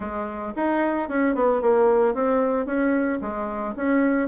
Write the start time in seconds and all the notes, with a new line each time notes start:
0.00 G#3
0.56 D#4
1.08 C#4
1.34 B3
1.61 A#3
2.14 C4
2.65 C#4
3.21 G#3
3.76 C#4